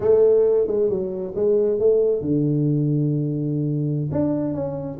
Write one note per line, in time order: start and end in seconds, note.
0.00 0.67 A3
0.67 0.89 G#3
0.89 1.34 F#3
1.35 1.79 G#3
1.79 2.21 A3
2.21 4.09 D3
4.11 4.54 D4
4.54 4.98 C#4